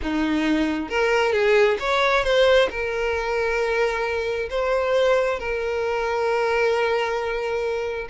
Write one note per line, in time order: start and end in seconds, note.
0.02 0.89 D#4
0.89 1.32 A#4
1.32 1.77 G#4
1.79 2.23 C#5
2.23 2.68 C5
2.70 4.49 A#4
4.50 5.39 C5
5.39 8.07 A#4